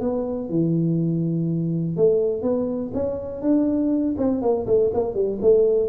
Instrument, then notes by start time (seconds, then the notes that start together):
tuba
0.00 B3
0.49 E3
1.96 A3
2.42 B3
2.94 C#4
3.42 D4
4.18 C4
4.41 A#3
4.66 A3
4.93 A#3
5.14 G3
5.41 A3